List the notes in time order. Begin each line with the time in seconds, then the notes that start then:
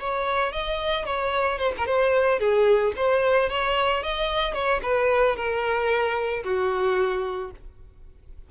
0.00 C#5
0.53 D#5
1.06 C#5
1.59 C5
1.78 A#4
1.87 C5
2.40 G#4
2.96 C5
3.50 C#5
4.03 D#5
4.54 C#5
4.83 B4
5.37 A#4
6.44 F#4